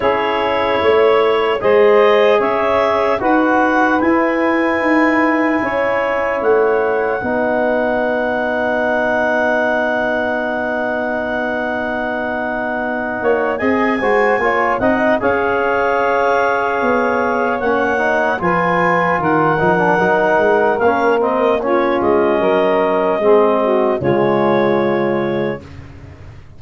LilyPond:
<<
  \new Staff \with { instrumentName = "clarinet" } { \time 4/4 \tempo 4 = 75 cis''2 dis''4 e''4 | fis''4 gis''2. | fis''1~ | fis''1~ |
fis''4 gis''4. fis''8 f''4~ | f''2 fis''4 gis''4 | fis''2 f''8 dis''8 cis''8 dis''8~ | dis''2 cis''2 | }
  \new Staff \with { instrumentName = "saxophone" } { \time 4/4 gis'4 cis''4 c''4 cis''4 | b'2. cis''4~ | cis''4 b'2.~ | b'1~ |
b'8 cis''8 dis''8 c''8 cis''8 dis''8 cis''4~ | cis''2. b'4 | ais'2. f'4 | ais'4 gis'8 fis'8 f'2 | }
  \new Staff \with { instrumentName = "trombone" } { \time 4/4 e'2 gis'2 | fis'4 e'2.~ | e'4 dis'2.~ | dis'1~ |
dis'4 gis'8 fis'8 f'8 dis'8 gis'4~ | gis'2 cis'8 dis'8 f'4~ | f'8 dis'16 d'16 dis'4 cis'8 c'8 cis'4~ | cis'4 c'4 gis2 | }
  \new Staff \with { instrumentName = "tuba" } { \time 4/4 cis'4 a4 gis4 cis'4 | dis'4 e'4 dis'4 cis'4 | a4 b2.~ | b1~ |
b8 ais8 c'8 gis8 ais8 c'8 cis'4~ | cis'4 b4 ais4 f4 | dis8 f8 fis8 gis8 ais4. gis8 | fis4 gis4 cis2 | }
>>